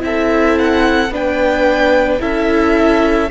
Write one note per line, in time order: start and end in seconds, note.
0.00 1.10 C4
0.00 1.09 E4
0.00 1.13 A4
0.00 0.59 E5
0.59 1.14 F#5
1.10 2.19 B3
1.10 2.20 D4
1.10 2.22 B4
1.10 2.22 G5
2.20 3.31 C#4
2.20 3.29 E4
2.20 3.31 A4
2.20 3.31 E5